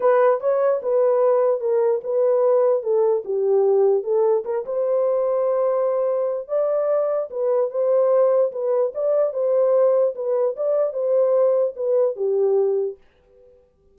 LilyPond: \new Staff \with { instrumentName = "horn" } { \time 4/4 \tempo 4 = 148 b'4 cis''4 b'2 | ais'4 b'2 a'4 | g'2 a'4 ais'8 c''8~ | c''1 |
d''2 b'4 c''4~ | c''4 b'4 d''4 c''4~ | c''4 b'4 d''4 c''4~ | c''4 b'4 g'2 | }